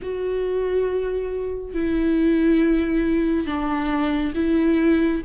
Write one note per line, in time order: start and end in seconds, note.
0.02 1.74 F#4
1.74 3.46 E4
3.46 4.33 D4
4.34 5.21 E4